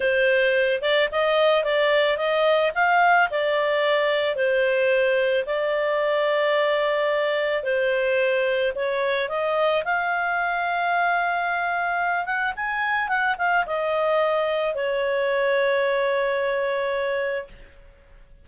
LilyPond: \new Staff \with { instrumentName = "clarinet" } { \time 4/4 \tempo 4 = 110 c''4. d''8 dis''4 d''4 | dis''4 f''4 d''2 | c''2 d''2~ | d''2 c''2 |
cis''4 dis''4 f''2~ | f''2~ f''8 fis''8 gis''4 | fis''8 f''8 dis''2 cis''4~ | cis''1 | }